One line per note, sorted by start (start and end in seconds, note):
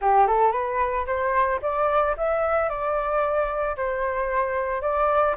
0.01 0.27 G4
0.27 0.52 A4
0.52 1.05 B4
1.06 1.59 C5
1.61 2.15 D5
2.17 2.69 E5
2.69 3.76 D5
3.76 4.81 C5
4.81 5.35 D5